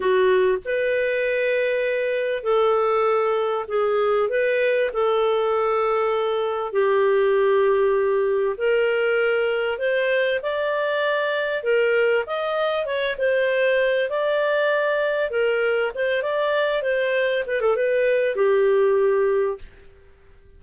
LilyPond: \new Staff \with { instrumentName = "clarinet" } { \time 4/4 \tempo 4 = 98 fis'4 b'2. | a'2 gis'4 b'4 | a'2. g'4~ | g'2 ais'2 |
c''4 d''2 ais'4 | dis''4 cis''8 c''4. d''4~ | d''4 ais'4 c''8 d''4 c''8~ | c''8 b'16 a'16 b'4 g'2 | }